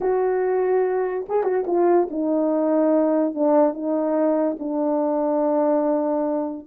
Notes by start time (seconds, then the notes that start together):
0.00 F#4
1.28 G#4
1.43 F#4
1.66 F4
2.10 D#4
3.34 D4
3.73 D#4
4.59 D4